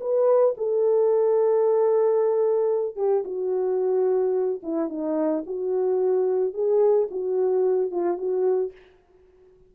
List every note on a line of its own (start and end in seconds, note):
0.00 0.55 B4
0.57 2.96 A4
2.96 3.23 G4
3.24 4.60 F#4
4.63 4.89 E4
4.89 5.43 D#4
5.46 6.53 F#4
6.53 7.08 G#4
7.10 7.91 F#4
7.91 8.17 F4
8.17 8.72 F#4